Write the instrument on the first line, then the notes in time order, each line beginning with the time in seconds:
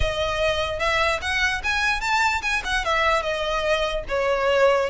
violin
0.00 D#5
0.79 E5
1.21 F#5
1.63 G#5
2.01 A5
2.42 G#5
2.64 F#5
2.84 E5
3.22 D#5
4.08 C#5